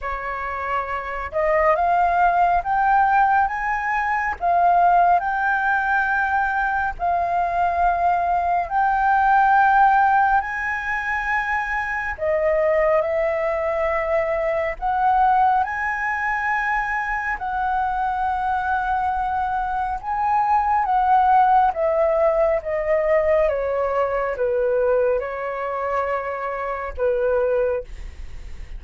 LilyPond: \new Staff \with { instrumentName = "flute" } { \time 4/4 \tempo 4 = 69 cis''4. dis''8 f''4 g''4 | gis''4 f''4 g''2 | f''2 g''2 | gis''2 dis''4 e''4~ |
e''4 fis''4 gis''2 | fis''2. gis''4 | fis''4 e''4 dis''4 cis''4 | b'4 cis''2 b'4 | }